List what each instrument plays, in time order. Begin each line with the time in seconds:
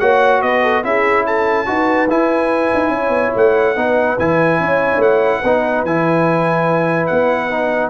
0.00 tuba A#3, trombone F#4, horn C#5, trumpet F#5
0.42 tuba B3, horn B4, trumpet D#5
0.63 horn A4
0.84 tuba C#4, trombone E4, horn G#4, trumpet E5
1.26 horn A4, trumpet A5
1.66 tuba D#4, trombone F#4, horn B4
2.10 tuba E4, trombone E4, trumpet G#5
2.74 tuba D#4
2.89 tuba C#4, horn C#5
3.09 tuba B3
3.36 tuba A3, trumpet F#5
3.76 tuba B3, trombone D#4, horn B4
4.18 tuba E3, trombone E4, trumpet G#5
4.60 tuba C#4, horn C#5
4.92 tuba A3 D4
5.02 trumpet F#5
5.40 tuba B3, horn B4
5.46 trombone D#4
5.84 tuba E3, trombone E4, trumpet G#5
7.07 tuba B3, trumpet F#5
7.50 trombone D#4